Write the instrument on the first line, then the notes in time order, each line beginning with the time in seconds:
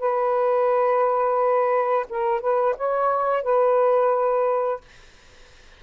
saxophone
0.00 B4
2.10 A#4
2.41 B4
2.77 C#5
3.43 B4